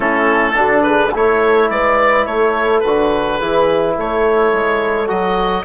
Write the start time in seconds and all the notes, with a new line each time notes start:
0.00 A3 C#4 E4 A4
0.54 D3 D4 F#4
0.83 G#4 B4
1.12 A3 E4 A4 C#5
1.69 G#3 B4 D5
2.26 A3 A4 C#5
2.79 D3 F#4 B4
3.38 E3 E4 G#4
3.95 A3 A4 C#5
4.52 G#3
5.07 F#3 F#4 D#5